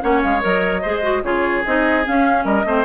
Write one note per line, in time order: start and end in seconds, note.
0.00 0.23 A#3
0.00 0.40 C#4
0.00 0.81 C#5
0.00 0.22 F#5
0.22 0.44 G#3
0.22 0.42 F5
0.40 0.84 F#3
0.40 0.81 A#4
0.40 1.23 D#5
0.81 1.22 G#3
0.81 1.02 G#4
0.81 1.22 C5
1.02 1.22 F#4
1.22 1.63 C#3
1.22 1.64 F4
1.22 2.44 G#4
1.22 1.64 C#5
1.65 2.06 C4
1.65 2.04 D#4
1.65 2.06 D#5
2.04 2.65 C#4
2.04 2.44 C#4
2.04 2.44 F5
2.44 2.64 G3
2.44 2.65 A#4
2.44 2.85 D#5
2.65 2.85 A3
2.65 2.85 C4
2.65 2.85 C5